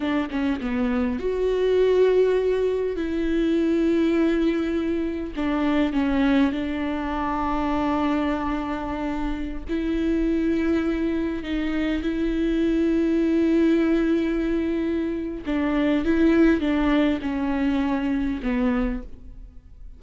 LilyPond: \new Staff \with { instrumentName = "viola" } { \time 4/4 \tempo 4 = 101 d'8 cis'8 b4 fis'2~ | fis'4 e'2.~ | e'4 d'4 cis'4 d'4~ | d'1~ |
d'16 e'2. dis'8.~ | dis'16 e'2.~ e'8.~ | e'2 d'4 e'4 | d'4 cis'2 b4 | }